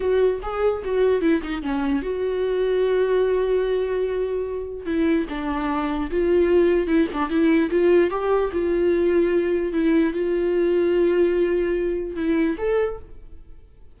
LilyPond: \new Staff \with { instrumentName = "viola" } { \time 4/4 \tempo 4 = 148 fis'4 gis'4 fis'4 e'8 dis'8 | cis'4 fis'2.~ | fis'1 | e'4 d'2 f'4~ |
f'4 e'8 d'8 e'4 f'4 | g'4 f'2. | e'4 f'2.~ | f'2 e'4 a'4 | }